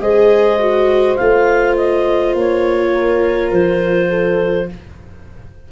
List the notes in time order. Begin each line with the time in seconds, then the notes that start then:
0.00 G#3 G#4 C5 D#5
0.59 F#4
1.16 A3 F4 F5
1.76 D#5
2.34 A#3 C#5
2.93 A#4
3.51 F3 C5
4.09 A4